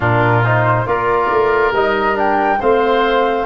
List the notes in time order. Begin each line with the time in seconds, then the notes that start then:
0.00 A#2 D4 F4 A#4
0.43 D#4 C5
0.86 A#3 F4 A#4 D5
1.30 A3
1.71 G3 D#4 D#5
2.14 D4 G5
2.60 A3 C4 C5 F5